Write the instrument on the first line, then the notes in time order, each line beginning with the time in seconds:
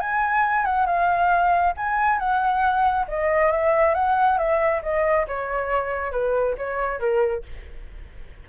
flute
0.00 G#5
0.65 F#5
0.86 F5
1.77 G#5
2.19 F#5
3.08 D#5
3.52 E5
3.95 F#5
4.38 E5
4.83 D#5
5.28 C#5
6.12 B4
6.58 C#5
7.00 A#4